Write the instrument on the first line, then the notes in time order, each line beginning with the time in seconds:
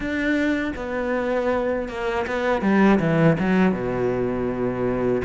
cello
0.00 D4
0.75 B3
1.88 A#3
2.26 B3
2.61 G3
2.99 E3
3.39 F#3
3.71 B2